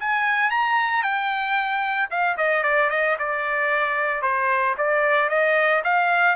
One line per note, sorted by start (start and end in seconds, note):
0.00 0.50 G#5
0.50 1.03 A#5
1.03 2.09 G5
2.11 2.37 F5
2.37 2.64 D#5
2.64 2.90 D5
2.91 3.17 D#5
3.19 4.22 D5
4.22 4.75 C5
4.78 5.30 D5
5.30 5.83 D#5
5.84 6.36 F5